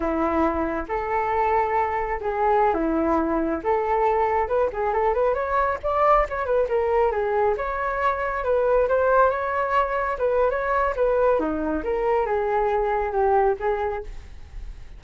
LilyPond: \new Staff \with { instrumentName = "flute" } { \time 4/4 \tempo 4 = 137 e'2 a'2~ | a'4 gis'4~ gis'16 e'4.~ e'16~ | e'16 a'2 b'8 gis'8 a'8 b'16~ | b'16 cis''4 d''4 cis''8 b'8 ais'8.~ |
ais'16 gis'4 cis''2 b'8.~ | b'16 c''4 cis''2 b'8. | cis''4 b'4 dis'4 ais'4 | gis'2 g'4 gis'4 | }